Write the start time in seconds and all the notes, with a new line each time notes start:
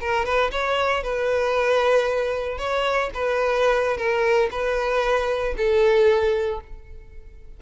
0.00 A#4
0.25 B4
0.51 C#5
1.03 B4
2.58 C#5
3.14 B4
3.97 A#4
4.51 B4
5.57 A4